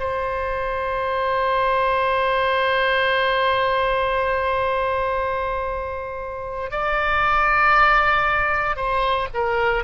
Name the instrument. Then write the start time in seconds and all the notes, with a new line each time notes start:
oboe
0.00 C5
6.71 D5
8.76 C5
9.34 A#4